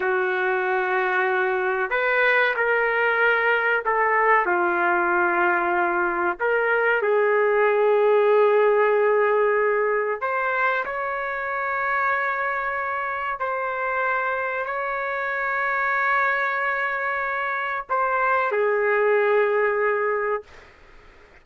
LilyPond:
\new Staff \with { instrumentName = "trumpet" } { \time 4/4 \tempo 4 = 94 fis'2. b'4 | ais'2 a'4 f'4~ | f'2 ais'4 gis'4~ | gis'1 |
c''4 cis''2.~ | cis''4 c''2 cis''4~ | cis''1 | c''4 gis'2. | }